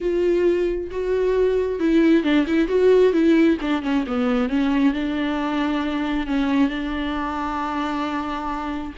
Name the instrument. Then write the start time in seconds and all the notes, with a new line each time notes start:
viola
0.00 F4
0.90 F#4
1.79 E4
2.23 D4
2.46 E4
2.68 F#4
3.12 E4
3.61 D4
3.82 C#4
4.06 B3
4.49 C#4
4.93 D4
6.26 C#4
6.69 D4